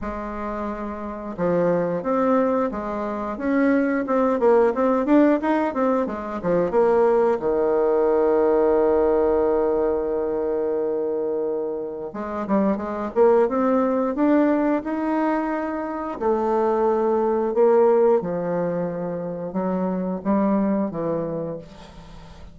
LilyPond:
\new Staff \with { instrumentName = "bassoon" } { \time 4/4 \tempo 4 = 89 gis2 f4 c'4 | gis4 cis'4 c'8 ais8 c'8 d'8 | dis'8 c'8 gis8 f8 ais4 dis4~ | dis1~ |
dis2 gis8 g8 gis8 ais8 | c'4 d'4 dis'2 | a2 ais4 f4~ | f4 fis4 g4 e4 | }